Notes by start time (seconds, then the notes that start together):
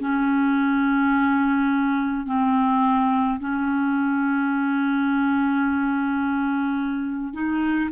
0.00 C#4
2.26 C4
3.40 C#4
7.33 D#4